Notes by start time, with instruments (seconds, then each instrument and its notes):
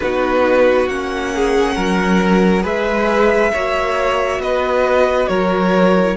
0.00 cello B3, viola D#4, violin F#4 B4
0.87 cello A#3, viola C#4, violin F#5
1.34 violin G#4
1.75 cello F#3, violin A#4
2.61 cello G#3, viola G#4, violin B4 E5
3.53 cello A#3, viola F#4, violin C#5
4.39 cello B3, violin B4 D#5
5.27 cello F#3, violin A#4 C#5
5.95 viola E4